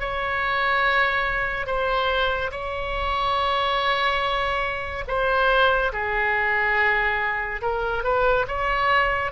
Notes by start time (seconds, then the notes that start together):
0.00 C#5
1.66 C5
2.51 C#5
5.07 C5
5.92 G#4
7.62 A#4
8.04 B4
8.47 C#5